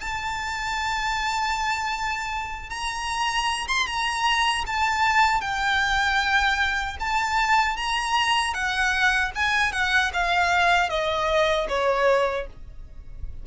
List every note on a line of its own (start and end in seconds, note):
0.00 2.70 A5
2.70 3.67 A#5
3.68 3.86 C6
3.86 4.64 A#5
4.66 5.41 A5
5.41 6.97 G5
7.00 7.76 A5
7.76 8.53 A#5
8.53 9.31 F#5
9.35 9.72 G#5
9.72 10.11 F#5
10.13 10.89 F5
10.89 11.67 D#5
11.68 12.46 C#5